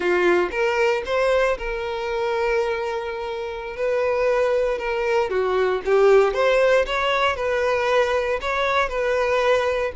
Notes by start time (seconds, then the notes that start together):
0.00 F4
0.51 A#4
1.05 C5
1.58 A#4
3.76 B4
4.78 A#4
5.30 F#4
5.85 G4
6.33 C5
6.86 C#5
7.36 B4
8.41 C#5
8.88 B4